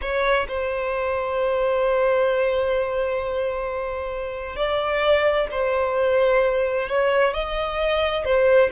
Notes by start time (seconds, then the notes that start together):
0.01 C#5
0.48 C5
4.56 D5
5.51 C5
6.88 C#5
7.33 D#5
8.24 C5